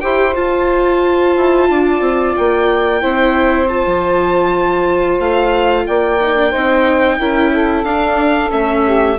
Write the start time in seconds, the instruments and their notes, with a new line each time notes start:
0.00 bassoon E4, viola G4, saxophone C5, violin G5
0.34 viola F4, bassoon F4, violin A5
1.36 bassoon E4
1.69 bassoon D4, saxophone D5
2.00 bassoon C4
2.35 bassoon A#3, violin G5
3.01 bassoon C4, viola E4, saxophone C5
3.68 viola F4, violin A5
3.86 bassoon F3
5.19 bassoon A3, violin F5
5.86 bassoon A#3, saxophone D5, violin G5
6.20 viola D#4
6.36 viola D4
6.50 bassoon C4, viola D#4, saxophone C5
7.19 bassoon C#4, viola E4, saxophone A#4
7.52 saxophone A4
7.84 bassoon D4, viola D4, violin F5
8.50 bassoon A3, viola C#4, violin E5
8.84 saxophone G4